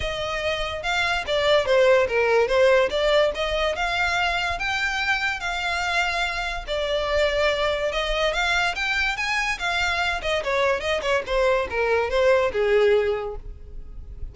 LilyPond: \new Staff \with { instrumentName = "violin" } { \time 4/4 \tempo 4 = 144 dis''2 f''4 d''4 | c''4 ais'4 c''4 d''4 | dis''4 f''2 g''4~ | g''4 f''2. |
d''2. dis''4 | f''4 g''4 gis''4 f''4~ | f''8 dis''8 cis''4 dis''8 cis''8 c''4 | ais'4 c''4 gis'2 | }